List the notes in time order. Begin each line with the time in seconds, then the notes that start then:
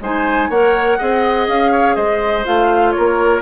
0.00 G#3 D#4 C5 G#5
0.49 A#3 A#4 C#5 F#5
0.98 C4 G#4 D#5
1.47 C#4 F5
1.71 C#5
1.95 G#3 C5 D#5
2.44 A3 F4 F5
2.91 A#4 C#5
2.98 A#3